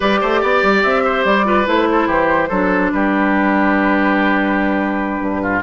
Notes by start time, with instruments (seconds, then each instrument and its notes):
0.00 bassoon G3, clarinet G4, oboe B4, flute D5
0.20 bassoon A3, oboe C5
0.40 bassoon B3, oboe D5
0.62 bassoon G3
0.82 bassoon C4, flute E5
1.04 oboe C5
1.25 bassoon G3, flute D5
1.44 clarinet F4, oboe B4
1.65 bassoon A3, clarinet E4, flute C5
1.91 oboe A4
2.07 bassoon E3, oboe G4
2.48 bassoon F#3, clarinet D4, oboe A4
2.91 bassoon G3, oboe G4, flute B4
5.20 bassoon G2
5.42 oboe F4